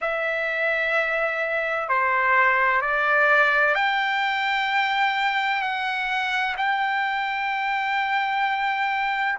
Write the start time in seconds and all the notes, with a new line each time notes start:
0.01 E5
1.88 C5
2.81 D5
3.75 G5
5.61 F#5
6.57 G5